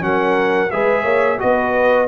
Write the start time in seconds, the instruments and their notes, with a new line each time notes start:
0.00 tuba F#3, trombone C#4, horn A#4, trumpet F#5
0.71 tuba G#3, trombone G#4, horn B4, trumpet E5
1.03 tuba A#3, horn C#5
1.39 tuba B3, trombone F#4, horn B4, trumpet D#5